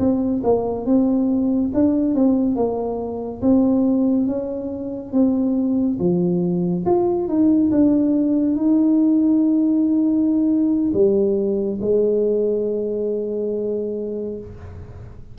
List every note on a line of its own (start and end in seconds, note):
0.00 0.43 C4
0.44 0.86 A#3
0.86 1.72 C4
1.75 2.15 D4
2.15 2.56 C4
2.56 3.42 A#3
3.42 4.27 C4
4.27 5.13 C#4
5.13 5.98 C4
6.00 6.85 F3
6.86 7.29 F4
7.29 7.71 D#4
7.71 8.56 D4
8.56 10.92 D#4
10.94 11.79 G3
11.82 14.39 G#3